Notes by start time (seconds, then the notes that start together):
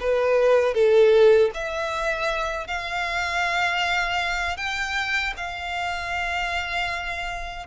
0.00 B4
0.74 A4
1.54 E5
2.67 F5
4.57 G5
5.37 F5